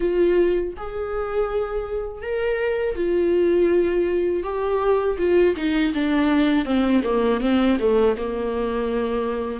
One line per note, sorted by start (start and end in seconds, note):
0.00 0.74 F4
0.76 2.22 G#4
2.22 2.95 A#4
2.95 4.43 F4
4.43 5.17 G4
5.18 5.55 F4
5.56 5.93 D#4
5.94 6.65 D4
6.65 7.02 C4
7.03 7.40 A#3
7.40 7.77 C4
7.79 8.16 A3
8.17 9.60 A#3